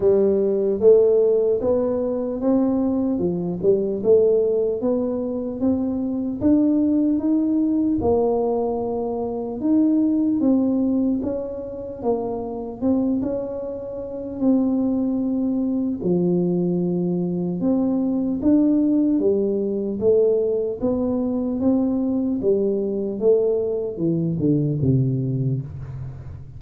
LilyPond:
\new Staff \with { instrumentName = "tuba" } { \time 4/4 \tempo 4 = 75 g4 a4 b4 c'4 | f8 g8 a4 b4 c'4 | d'4 dis'4 ais2 | dis'4 c'4 cis'4 ais4 |
c'8 cis'4. c'2 | f2 c'4 d'4 | g4 a4 b4 c'4 | g4 a4 e8 d8 c4 | }